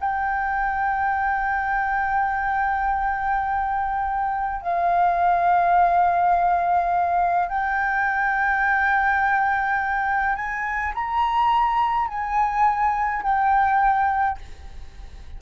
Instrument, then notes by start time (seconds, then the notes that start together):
flute
0.00 G5
4.62 F5
7.48 G5
10.36 G#5
10.95 A#5
12.08 G#5
13.22 G5